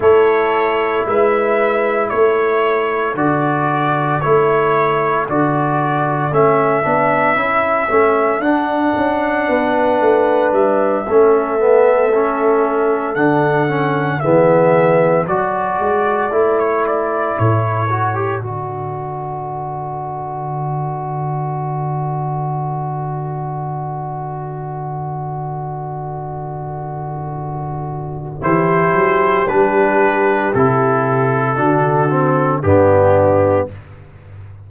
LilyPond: <<
  \new Staff \with { instrumentName = "trumpet" } { \time 4/4 \tempo 4 = 57 cis''4 e''4 cis''4 d''4 | cis''4 d''4 e''2 | fis''2 e''2~ | e''8 fis''4 e''4 d''4~ d''16 cis''16 |
d''8 cis''4 d''2~ d''8~ | d''1~ | d''2. c''4 | b'4 a'2 g'4 | }
  \new Staff \with { instrumentName = "horn" } { \time 4/4 a'4 b'4 a'2~ | a'1~ | a'4 b'4. a'4.~ | a'4. gis'4 a'4.~ |
a'1~ | a'1~ | a'2. g'4~ | g'2 fis'4 d'4 | }
  \new Staff \with { instrumentName = "trombone" } { \time 4/4 e'2. fis'4 | e'4 fis'4 cis'8 d'8 e'8 cis'8 | d'2~ d'8 cis'8 b8 cis'8~ | cis'8 d'8 cis'8 b4 fis'4 e'8~ |
e'4 fis'16 g'16 fis'2~ fis'8~ | fis'1~ | fis'2. e'4 | d'4 e'4 d'8 c'8 b4 | }
  \new Staff \with { instrumentName = "tuba" } { \time 4/4 a4 gis4 a4 d4 | a4 d4 a8 b8 cis'8 a8 | d'8 cis'8 b8 a8 g8 a4.~ | a8 d4 e4 fis8 gis8 a8~ |
a8 a,4 d2~ d8~ | d1~ | d2. e8 fis8 | g4 c4 d4 g,4 | }
>>